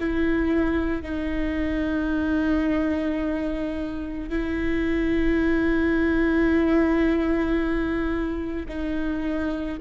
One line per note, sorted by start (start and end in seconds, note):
0.00 1.03 E4
1.03 4.29 D#4
4.29 8.66 E4
8.68 9.77 D#4